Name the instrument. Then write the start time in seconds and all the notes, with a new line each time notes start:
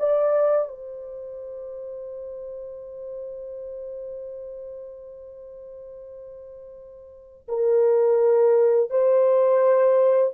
horn
0.00 D5
0.69 C5
7.49 A#4
8.91 C5